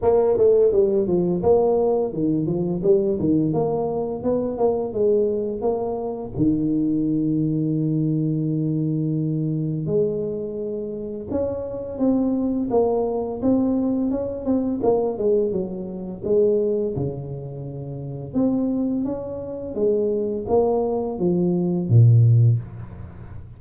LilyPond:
\new Staff \with { instrumentName = "tuba" } { \time 4/4 \tempo 4 = 85 ais8 a8 g8 f8 ais4 dis8 f8 | g8 dis8 ais4 b8 ais8 gis4 | ais4 dis2.~ | dis2 gis2 |
cis'4 c'4 ais4 c'4 | cis'8 c'8 ais8 gis8 fis4 gis4 | cis2 c'4 cis'4 | gis4 ais4 f4 ais,4 | }